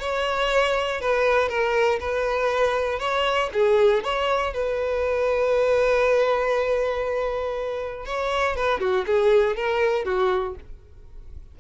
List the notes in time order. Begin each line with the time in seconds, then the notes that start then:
0.00 C#5
1.01 B4
1.49 A#4
2.00 B4
2.99 C#5
3.53 G#4
4.04 C#5
4.54 B4
8.06 C#5
8.56 B4
8.80 F#4
9.07 G#4
9.56 A#4
10.05 F#4